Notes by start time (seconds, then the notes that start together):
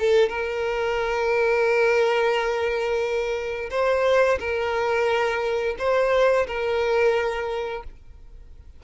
0.00 A4
0.29 A#4
3.71 C5
4.40 A#4
5.79 C5
6.47 A#4